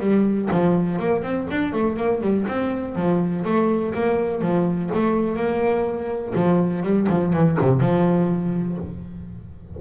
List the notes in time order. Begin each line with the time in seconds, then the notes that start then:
0.00 G3
0.51 F3
0.99 A#3
1.23 C4
1.51 D4
1.73 A3
1.96 A#3
2.21 G3
2.48 C4
2.95 F3
3.45 A3
3.94 A#3
4.41 F3
4.94 A3
5.37 A#3
6.35 F3
6.83 G3
7.09 F3
7.33 E3
7.61 C3
7.80 F3